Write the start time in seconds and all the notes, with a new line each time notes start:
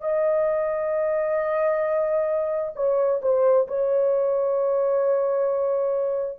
0.00 D#5
2.75 C#5
3.21 C5
3.67 C#5